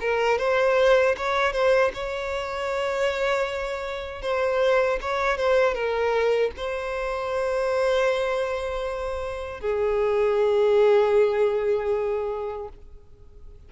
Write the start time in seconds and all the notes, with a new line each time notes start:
0.00 A#4
0.38 C5
1.17 C#5
1.53 C5
1.94 C#5
4.22 C5
5.01 C#5
5.37 C5
5.74 A#4
6.56 C5
9.61 G#4